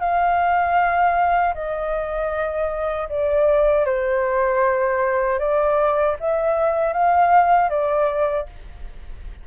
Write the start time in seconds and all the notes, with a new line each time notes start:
0.00 F5
1.55 D#5
3.09 D5
3.86 C5
5.40 D5
6.20 E5
6.93 F5
7.70 D5